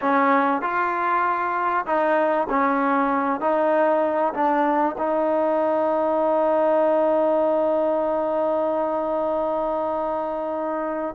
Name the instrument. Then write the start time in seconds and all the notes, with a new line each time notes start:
trombone
0.01 C#4
0.61 F4
1.86 D#4
2.49 C#4
3.40 D#4
4.33 D4
4.98 D#4